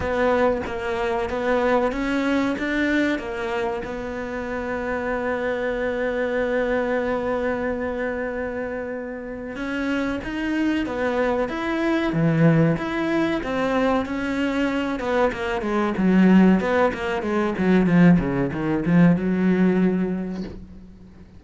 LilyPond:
\new Staff \with { instrumentName = "cello" } { \time 4/4 \tempo 4 = 94 b4 ais4 b4 cis'4 | d'4 ais4 b2~ | b1~ | b2. cis'4 |
dis'4 b4 e'4 e4 | e'4 c'4 cis'4. b8 | ais8 gis8 fis4 b8 ais8 gis8 fis8 | f8 cis8 dis8 f8 fis2 | }